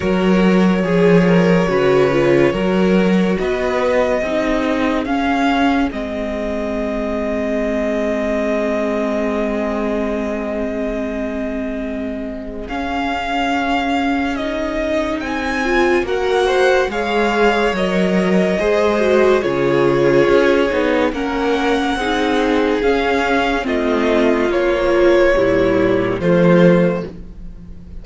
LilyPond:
<<
  \new Staff \with { instrumentName = "violin" } { \time 4/4 \tempo 4 = 71 cis''1 | dis''2 f''4 dis''4~ | dis''1~ | dis''2. f''4~ |
f''4 dis''4 gis''4 fis''4 | f''4 dis''2 cis''4~ | cis''4 fis''2 f''4 | dis''4 cis''2 c''4 | }
  \new Staff \with { instrumentName = "violin" } { \time 4/4 ais'4 gis'8 ais'8 b'4 ais'4 | b'4 gis'2.~ | gis'1~ | gis'1~ |
gis'2. ais'8 c''8 | cis''2 c''4 gis'4~ | gis'4 ais'4 gis'2 | f'2 e'4 f'4 | }
  \new Staff \with { instrumentName = "viola" } { \time 4/4 fis'4 gis'4 fis'8 f'8 fis'4~ | fis'4 dis'4 cis'4 c'4~ | c'1~ | c'2. cis'4~ |
cis'4 dis'4. f'8 fis'4 | gis'4 ais'4 gis'8 fis'8 f'4~ | f'8 dis'8 cis'4 dis'4 cis'4 | c'4 f4 g4 a4 | }
  \new Staff \with { instrumentName = "cello" } { \time 4/4 fis4 f4 cis4 fis4 | b4 c'4 cis'4 gis4~ | gis1~ | gis2. cis'4~ |
cis'2 c'4 ais4 | gis4 fis4 gis4 cis4 | cis'8 b8 ais4 c'4 cis'4 | a4 ais4 ais,4 f4 | }
>>